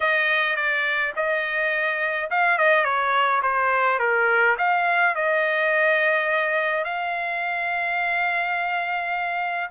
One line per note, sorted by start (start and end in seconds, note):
0.00 0.56 D#5
0.56 1.13 D5
1.16 2.30 D#5
2.30 2.58 F5
2.58 2.84 D#5
2.84 3.41 C#5
3.42 3.99 C5
3.99 4.56 A#4
4.58 5.15 F5
5.15 6.84 D#5
6.84 9.70 F5